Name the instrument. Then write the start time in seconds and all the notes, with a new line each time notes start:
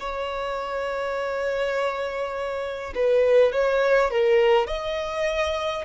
violin
0.00 C#5
2.95 B4
3.52 C#5
4.11 A#4
4.67 D#5